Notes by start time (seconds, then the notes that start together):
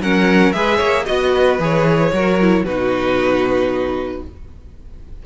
0.00 F#3 C#4 A#4 F#5
0.52 G#3 G#4 B4 E5
0.77 A#3 C#5
1.05 B3 F#4 D#5
1.32 B4
1.59 E3 G#4 C#5
2.12 F#3 F#4 A#4
2.40 E4
2.64 B2 D#4 F#4 B4